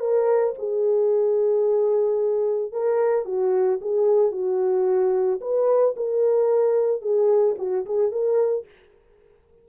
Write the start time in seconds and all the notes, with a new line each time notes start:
0.00 A#4
0.58 G#4
2.72 A#4
3.25 F#4
3.81 G#4
4.32 F#4
5.41 B4
5.96 A#4
7.01 G#4
7.58 F#4
7.86 G#4
8.12 A#4